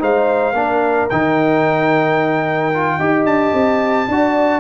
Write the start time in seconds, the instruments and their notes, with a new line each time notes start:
0.00 tuba G#3, trombone D#4, horn C5, trumpet F5
0.53 tuba A#3, trombone D4, horn A#4
1.10 tuba D#3, trombone D#4, trumpet G5
2.74 trombone F4
2.98 tuba D#4, trombone G4, horn D#5
3.25 tuba D4, trumpet A5
3.53 tuba C4
4.08 tuba D4, trombone F#4, horn D5